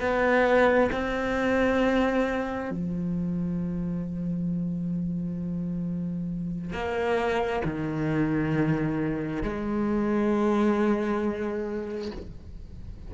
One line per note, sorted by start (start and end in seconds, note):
0.00 0.90 B3
0.92 2.71 C4
2.71 6.72 F3
6.72 7.62 A#3
7.64 9.42 D#3
9.42 12.11 G#3